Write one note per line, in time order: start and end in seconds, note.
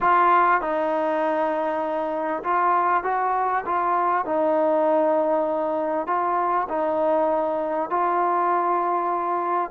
0.00 0.61 F4
0.61 2.43 D#4
2.43 3.03 F4
3.03 3.64 F#4
3.65 4.25 F4
4.25 6.07 D#4
6.07 6.67 F4
6.68 7.90 D#4
7.90 9.71 F4